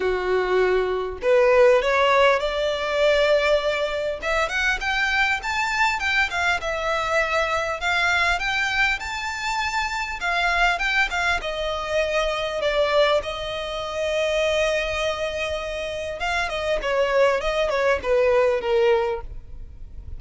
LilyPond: \new Staff \with { instrumentName = "violin" } { \time 4/4 \tempo 4 = 100 fis'2 b'4 cis''4 | d''2. e''8 fis''8 | g''4 a''4 g''8 f''8 e''4~ | e''4 f''4 g''4 a''4~ |
a''4 f''4 g''8 f''8 dis''4~ | dis''4 d''4 dis''2~ | dis''2. f''8 dis''8 | cis''4 dis''8 cis''8 b'4 ais'4 | }